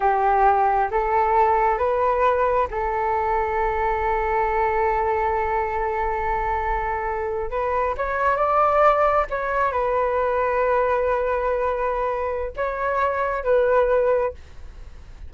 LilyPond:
\new Staff \with { instrumentName = "flute" } { \time 4/4 \tempo 4 = 134 g'2 a'2 | b'2 a'2~ | a'1~ | a'1~ |
a'8. b'4 cis''4 d''4~ d''16~ | d''8. cis''4 b'2~ b'16~ | b'1 | cis''2 b'2 | }